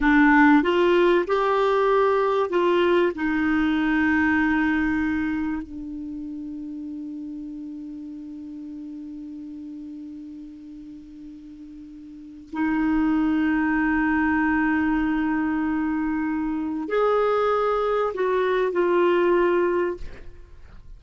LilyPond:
\new Staff \with { instrumentName = "clarinet" } { \time 4/4 \tempo 4 = 96 d'4 f'4 g'2 | f'4 dis'2.~ | dis'4 d'2.~ | d'1~ |
d'1 | dis'1~ | dis'2. gis'4~ | gis'4 fis'4 f'2 | }